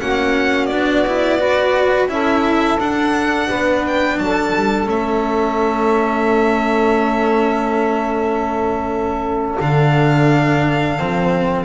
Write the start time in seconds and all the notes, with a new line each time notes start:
0.00 A#3 C#4 F#4 F#5
0.66 B3 D4 D5
1.07 E4
1.39 F#4 B4
2.09 C#4 E4 A4 E5
2.79 D4 F#5
3.48 B3 B4
3.87 G5
4.18 F#3 A4 A5
4.55 G3
4.86 A3 C#4 E5
9.60 D3 D4 F5
11.00 F3 C4